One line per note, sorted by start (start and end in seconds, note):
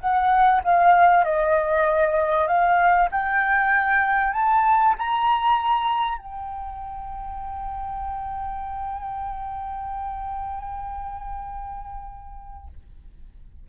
0.00 0.62 F#5
0.64 1.25 F5
1.25 2.48 D#5
2.48 3.10 F5
3.12 4.34 G5
4.34 4.95 A5
4.98 6.18 A#5
6.18 12.68 G5